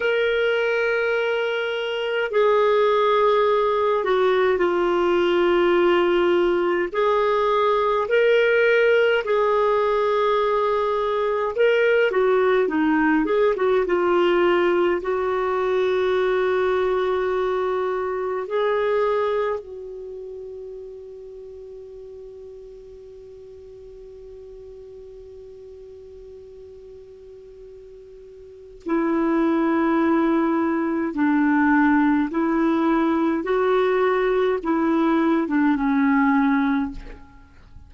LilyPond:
\new Staff \with { instrumentName = "clarinet" } { \time 4/4 \tempo 4 = 52 ais'2 gis'4. fis'8 | f'2 gis'4 ais'4 | gis'2 ais'8 fis'8 dis'8 gis'16 fis'16 | f'4 fis'2. |
gis'4 fis'2.~ | fis'1~ | fis'4 e'2 d'4 | e'4 fis'4 e'8. d'16 cis'4 | }